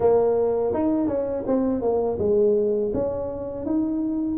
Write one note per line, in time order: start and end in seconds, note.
0.00 0.73 A#3
0.73 1.07 D#4
1.07 1.44 C#4
1.46 1.81 C4
1.81 2.18 A#3
2.19 2.92 G#3
2.93 3.65 C#4
3.65 4.38 D#4